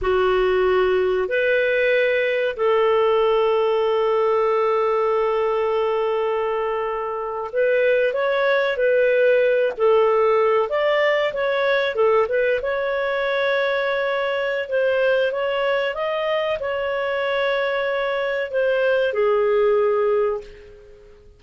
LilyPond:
\new Staff \with { instrumentName = "clarinet" } { \time 4/4 \tempo 4 = 94 fis'2 b'2 | a'1~ | a'2.~ a'8. b'16~ | b'8. cis''4 b'4. a'8.~ |
a'8. d''4 cis''4 a'8 b'8 cis''16~ | cis''2. c''4 | cis''4 dis''4 cis''2~ | cis''4 c''4 gis'2 | }